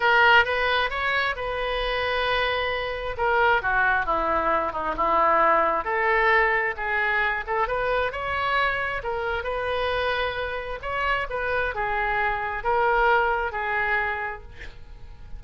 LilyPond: \new Staff \with { instrumentName = "oboe" } { \time 4/4 \tempo 4 = 133 ais'4 b'4 cis''4 b'4~ | b'2. ais'4 | fis'4 e'4. dis'8 e'4~ | e'4 a'2 gis'4~ |
gis'8 a'8 b'4 cis''2 | ais'4 b'2. | cis''4 b'4 gis'2 | ais'2 gis'2 | }